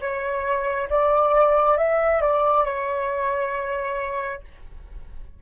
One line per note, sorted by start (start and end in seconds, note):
0.00 0.88 C#5
0.89 1.77 D5
1.77 2.21 E5
2.21 2.65 D5
2.65 4.42 C#5